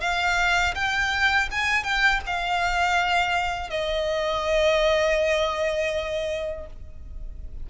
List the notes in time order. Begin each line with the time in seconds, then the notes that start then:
0.00 F5
0.74 G5
1.51 G#5
1.83 G5
2.26 F5
3.70 D#5